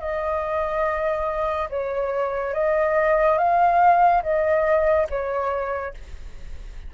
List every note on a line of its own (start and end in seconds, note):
0.00 1.69 D#5
1.70 2.54 C#5
2.54 3.38 D#5
3.38 4.23 F5
4.23 5.07 D#5
5.10 5.94 C#5